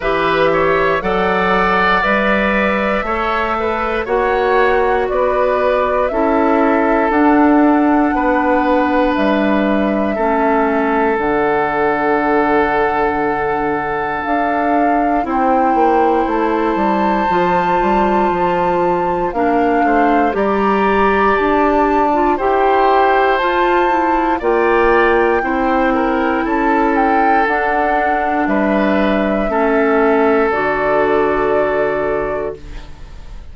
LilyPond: <<
  \new Staff \with { instrumentName = "flute" } { \time 4/4 \tempo 4 = 59 e''4 fis''4 e''2 | fis''4 d''4 e''4 fis''4~ | fis''4 e''2 fis''4~ | fis''2 f''4 g''4 |
a''2. f''4 | ais''4 a''4 g''4 a''4 | g''2 a''8 g''8 fis''4 | e''2 d''2 | }
  \new Staff \with { instrumentName = "oboe" } { \time 4/4 b'8 cis''8 d''2 cis''8 b'8 | cis''4 b'4 a'2 | b'2 a'2~ | a'2. c''4~ |
c''2. ais'8 c''8 | d''2 c''2 | d''4 c''8 ais'8 a'2 | b'4 a'2. | }
  \new Staff \with { instrumentName = "clarinet" } { \time 4/4 g'4 a'4 b'4 a'4 | fis'2 e'4 d'4~ | d'2 cis'4 d'4~ | d'2. e'4~ |
e'4 f'2 d'4 | g'4.~ g'16 f'16 g'4 f'8 e'8 | f'4 e'2 d'4~ | d'4 cis'4 fis'2 | }
  \new Staff \with { instrumentName = "bassoon" } { \time 4/4 e4 fis4 g4 a4 | ais4 b4 cis'4 d'4 | b4 g4 a4 d4~ | d2 d'4 c'8 ais8 |
a8 g8 f8 g8 f4 ais8 a8 | g4 d'4 e'4 f'4 | ais4 c'4 cis'4 d'4 | g4 a4 d2 | }
>>